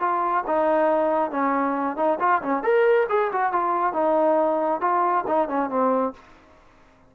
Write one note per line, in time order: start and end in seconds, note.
0.00 0.44 F4
0.47 1.31 D#4
1.31 1.96 C#4
1.96 2.18 D#4
2.20 2.41 F4
2.42 2.63 C#4
2.63 3.07 A#4
3.09 3.31 G#4
3.32 3.52 F#4
3.52 3.93 F4
3.93 4.81 D#4
4.81 5.24 F4
5.27 5.48 D#4
5.48 5.69 C#4
5.69 6.13 C4